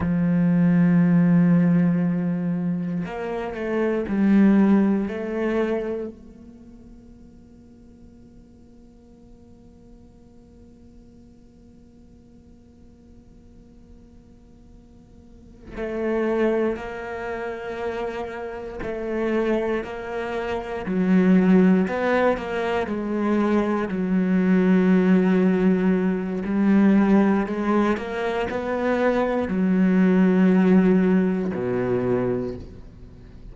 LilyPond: \new Staff \with { instrumentName = "cello" } { \time 4/4 \tempo 4 = 59 f2. ais8 a8 | g4 a4 ais2~ | ais1~ | ais2.~ ais8 a8~ |
a8 ais2 a4 ais8~ | ais8 fis4 b8 ais8 gis4 fis8~ | fis2 g4 gis8 ais8 | b4 fis2 b,4 | }